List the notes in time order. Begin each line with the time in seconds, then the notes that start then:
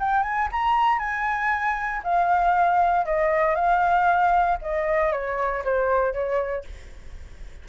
0.00 G5
0.24 G#5
0.52 A#5
1.00 G#5
2.04 F5
3.06 D#5
3.56 F5
4.62 D#5
5.13 C#5
5.65 C5
6.14 C#5